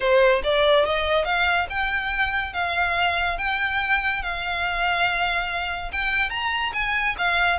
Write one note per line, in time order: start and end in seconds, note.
0.00 0.42 C5
0.43 0.85 D5
0.85 1.25 D#5
1.25 1.67 F5
1.69 2.53 G5
2.53 3.37 F5
3.38 4.22 G5
4.22 5.91 F5
5.92 6.30 G5
6.30 6.72 A#5
6.73 7.15 G#5
7.18 7.59 F5